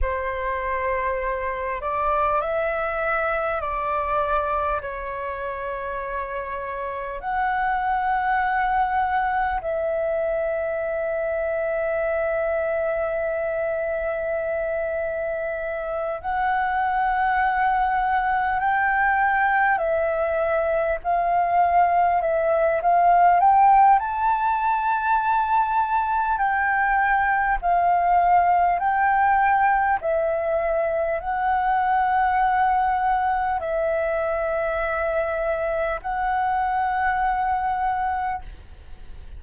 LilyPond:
\new Staff \with { instrumentName = "flute" } { \time 4/4 \tempo 4 = 50 c''4. d''8 e''4 d''4 | cis''2 fis''2 | e''1~ | e''4. fis''2 g''8~ |
g''8 e''4 f''4 e''8 f''8 g''8 | a''2 g''4 f''4 | g''4 e''4 fis''2 | e''2 fis''2 | }